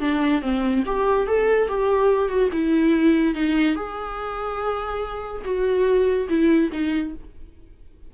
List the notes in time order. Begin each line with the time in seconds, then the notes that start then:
0.00 D4
0.41 C4
0.85 G4
1.27 A4
1.68 G4
2.28 F#4
2.52 E4
3.34 D#4
3.75 G#4
5.44 F#4
6.29 E4
6.72 D#4